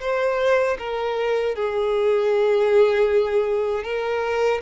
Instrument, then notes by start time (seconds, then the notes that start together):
violin
0.00 C5
0.78 A#4
1.55 G#4
3.84 A#4